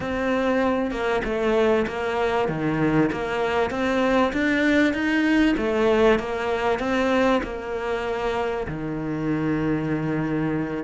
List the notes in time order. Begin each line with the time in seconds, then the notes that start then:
0.00 C4
0.91 A#3
1.24 A3
1.87 A#3
2.48 D#3
3.12 A#3
3.70 C4
4.32 D4
4.93 D#4
5.57 A3
6.19 A#3
6.79 C4
7.43 A#3
8.67 D#3